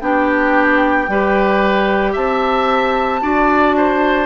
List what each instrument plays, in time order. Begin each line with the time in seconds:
0.00 bassoon B3, clarinet D4, oboe G4, flute G5
1.08 bassoon G3, clarinet G4, oboe B4
2.12 bassoon C4, oboe E5, flute A5
3.21 bassoon D4, clarinet F#4, oboe D5
3.77 oboe C5